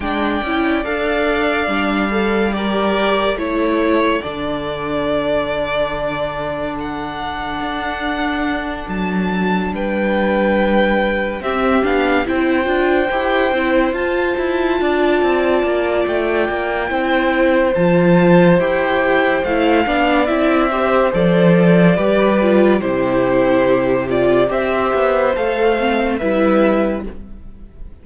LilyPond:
<<
  \new Staff \with { instrumentName = "violin" } { \time 4/4 \tempo 4 = 71 g''4 f''2 d''4 | cis''4 d''2. | fis''2~ fis''8 a''4 g''8~ | g''4. e''8 f''8 g''4.~ |
g''8 a''2~ a''8 g''4~ | g''4 a''4 g''4 f''4 | e''4 d''2 c''4~ | c''8 d''8 e''4 f''4 e''4 | }
  \new Staff \with { instrumentName = "violin" } { \time 4/4 d''2. ais'4 | a'1~ | a'2.~ a'8 b'8~ | b'4. g'4 c''4.~ |
c''4. d''2~ d''8 | c''2.~ c''8 d''8~ | d''8 c''4. b'4 g'4~ | g'4 c''2 b'4 | }
  \new Staff \with { instrumentName = "viola" } { \time 4/4 d'8 e'8 a'4 d'8 a'8 g'4 | e'4 d'2.~ | d'1~ | d'4. c'8 d'8 e'8 f'8 g'8 |
e'8 f'2.~ f'8 | e'4 f'4 g'4 e'8 d'8 | e'8 g'8 a'4 g'8 f'8 e'4~ | e'8 f'8 g'4 a'8 c'8 e'4 | }
  \new Staff \with { instrumentName = "cello" } { \time 4/4 gis8 cis'8 d'4 g2 | a4 d2.~ | d4 d'4. fis4 g8~ | g4. c'8 b8 c'8 d'8 e'8 |
c'8 f'8 e'8 d'8 c'8 ais8 a8 ais8 | c'4 f4 e'4 a8 b8 | c'4 f4 g4 c4~ | c4 c'8 b8 a4 g4 | }
>>